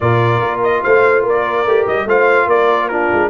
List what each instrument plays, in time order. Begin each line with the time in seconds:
0.00 tuba A#2, trombone F4, horn A#4, trumpet D5
0.40 tuba A#3
0.63 trumpet D#5
0.82 tuba A3, horn C5, trumpet F5
1.22 tuba A#3, horn A#4
1.28 trumpet D5
1.65 tuba A3, trombone G4
1.87 tuba G3, trumpet D#5
2.05 tuba A3, trombone F4, horn C5, trumpet F5
2.46 tuba A#3, horn A#4, trumpet D5
2.88 trombone D4, horn F4, trumpet A#4
3.12 tuba G#3